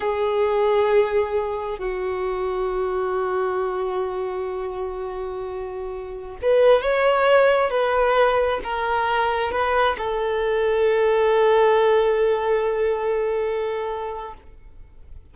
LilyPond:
\new Staff \with { instrumentName = "violin" } { \time 4/4 \tempo 4 = 134 gis'1 | fis'1~ | fis'1~ | fis'2~ fis'16 b'4 cis''8.~ |
cis''4~ cis''16 b'2 ais'8.~ | ais'4~ ais'16 b'4 a'4.~ a'16~ | a'1~ | a'1 | }